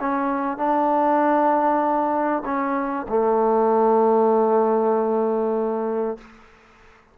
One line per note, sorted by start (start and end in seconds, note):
0.00 0.57 C#4
0.57 2.43 D4
2.45 3.06 C#4
3.08 6.18 A3